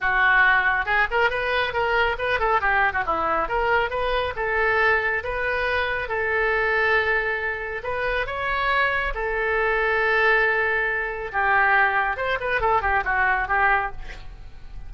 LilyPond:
\new Staff \with { instrumentName = "oboe" } { \time 4/4 \tempo 4 = 138 fis'2 gis'8 ais'8 b'4 | ais'4 b'8 a'8 g'8. fis'16 e'4 | ais'4 b'4 a'2 | b'2 a'2~ |
a'2 b'4 cis''4~ | cis''4 a'2.~ | a'2 g'2 | c''8 b'8 a'8 g'8 fis'4 g'4 | }